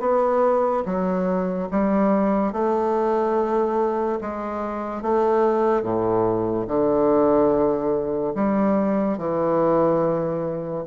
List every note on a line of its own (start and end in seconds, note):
0.00 0.83 B3
0.85 1.69 F#3
1.71 2.53 G3
2.53 4.19 A3
4.21 5.02 G#3
5.02 5.83 A3
5.83 6.66 A2
6.67 8.34 D3
8.35 9.17 G3
9.17 10.84 E3